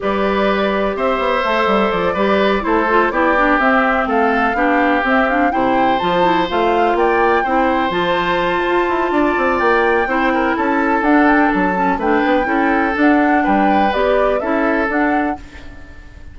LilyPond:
<<
  \new Staff \with { instrumentName = "flute" } { \time 4/4 \tempo 4 = 125 d''2 e''2 | d''4. c''4 d''4 e''8~ | e''8 f''2 e''8 f''8 g''8~ | g''8 a''4 f''4 g''4.~ |
g''8 a''2.~ a''8 | g''2 a''4 fis''8 g''8 | a''4 g''2 fis''4 | g''4 d''4 e''4 fis''4 | }
  \new Staff \with { instrumentName = "oboe" } { \time 4/4 b'2 c''2~ | c''8 b'4 a'4 g'4.~ | g'8 a'4 g'2 c''8~ | c''2~ c''8 d''4 c''8~ |
c''2. d''4~ | d''4 c''8 ais'8 a'2~ | a'4 b'4 a'2 | b'2 a'2 | }
  \new Staff \with { instrumentName = "clarinet" } { \time 4/4 g'2. a'4~ | a'8 g'4 e'8 f'8 e'8 d'8 c'8~ | c'4. d'4 c'8 d'8 e'8~ | e'8 f'8 e'8 f'2 e'8~ |
e'8 f'2.~ f'8~ | f'4 e'2 d'4~ | d'8 cis'8 d'4 e'4 d'4~ | d'4 g'4 e'4 d'4 | }
  \new Staff \with { instrumentName = "bassoon" } { \time 4/4 g2 c'8 b8 a8 g8 | f8 g4 a4 b4 c'8~ | c'8 a4 b4 c'4 c8~ | c8 f4 a4 ais4 c'8~ |
c'8 f4. f'8 e'8 d'8 c'8 | ais4 c'4 cis'4 d'4 | fis4 a8 b8 cis'4 d'4 | g4 b4 cis'4 d'4 | }
>>